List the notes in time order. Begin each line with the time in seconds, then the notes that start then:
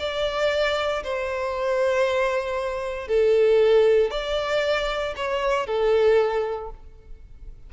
0.00 D5
1.04 C5
3.08 A4
4.11 D5
5.17 C#5
5.67 A4